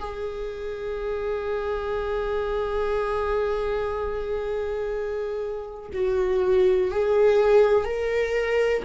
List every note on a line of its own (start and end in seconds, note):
0.00 5.90 G#4
5.94 6.91 F#4
6.91 7.85 G#4
7.85 8.83 A#4